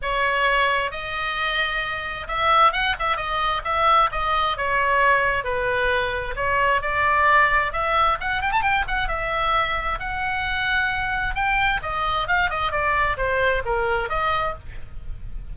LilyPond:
\new Staff \with { instrumentName = "oboe" } { \time 4/4 \tempo 4 = 132 cis''2 dis''2~ | dis''4 e''4 fis''8 e''8 dis''4 | e''4 dis''4 cis''2 | b'2 cis''4 d''4~ |
d''4 e''4 fis''8 g''16 a''16 g''8 fis''8 | e''2 fis''2~ | fis''4 g''4 dis''4 f''8 dis''8 | d''4 c''4 ais'4 dis''4 | }